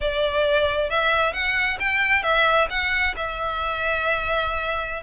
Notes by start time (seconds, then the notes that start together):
0.01 D5
0.90 E5
1.33 F#5
1.79 G5
2.22 E5
2.70 F#5
3.16 E5